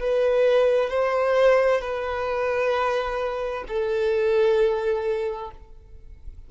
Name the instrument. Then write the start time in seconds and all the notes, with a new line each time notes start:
violin
0.00 B4
0.90 C5
1.81 B4
3.68 A4